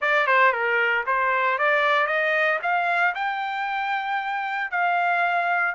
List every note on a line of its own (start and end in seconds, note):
0.01 0.26 D5
0.26 0.52 C5
0.52 1.04 A#4
1.06 1.58 C5
1.58 2.07 D5
2.07 2.59 D#5
2.62 3.14 F5
3.14 4.70 G5
4.70 5.75 F5